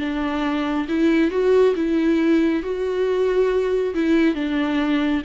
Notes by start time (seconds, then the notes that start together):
0.00 D4
0.89 E4
1.31 F#4
1.76 E4
2.63 F#4
3.95 E4
4.35 D4